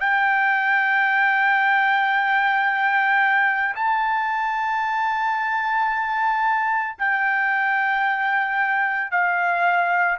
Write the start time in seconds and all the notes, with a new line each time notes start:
0.00 G5
3.75 A5
6.98 G5
9.11 F5